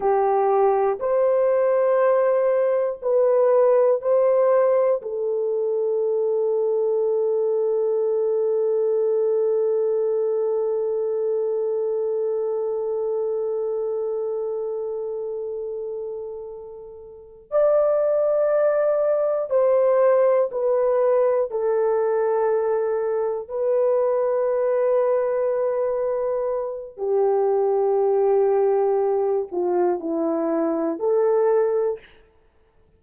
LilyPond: \new Staff \with { instrumentName = "horn" } { \time 4/4 \tempo 4 = 60 g'4 c''2 b'4 | c''4 a'2.~ | a'1~ | a'1~ |
a'4. d''2 c''8~ | c''8 b'4 a'2 b'8~ | b'2. g'4~ | g'4. f'8 e'4 a'4 | }